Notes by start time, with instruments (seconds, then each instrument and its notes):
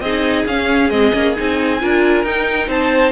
0.00 cello C4, viola D#4, violin G#4 D#5
0.46 cello C#4, viola C#4, violin F5
0.90 cello G#3, viola C4, violin D#5
1.12 cello A#3, viola C#4
1.36 cello C4, viola D#4, violin G#5
1.80 cello D4, viola F4, violin A#4
2.23 cello D#4, viola D#4, violin G5
2.68 cello C4, violin C5 A5